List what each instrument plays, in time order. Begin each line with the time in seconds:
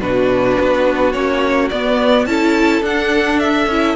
0.00 cello B2, viola D4, violin F#4 B4
0.60 cello B3
1.13 cello A#3, viola C#4, violin C#5
1.70 cello B3, viola B3, violin D5
2.26 cello C#4, viola E4, violin A4 A5
2.82 cello D4, viola D4, violin F#5
3.39 violin E5
3.67 cello C#4, viola E4